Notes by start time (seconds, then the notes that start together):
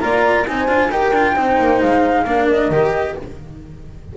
0.00 A#3 F4 D5 A#5
0.47 C4 D#4 C5 G#5
0.68 D4 F4
0.90 D#4 G4 A#4 G5
1.12 D4 F4
1.33 C4 D#4 C5
1.59 A#3
1.81 G#3 F5
2.25 A#3 D4 A#4
2.49 D#5
2.70 D#3 G4